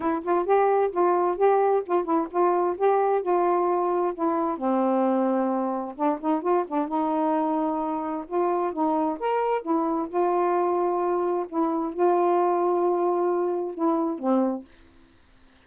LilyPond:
\new Staff \with { instrumentName = "saxophone" } { \time 4/4 \tempo 4 = 131 e'8 f'8 g'4 f'4 g'4 | f'8 e'8 f'4 g'4 f'4~ | f'4 e'4 c'2~ | c'4 d'8 dis'8 f'8 d'8 dis'4~ |
dis'2 f'4 dis'4 | ais'4 e'4 f'2~ | f'4 e'4 f'2~ | f'2 e'4 c'4 | }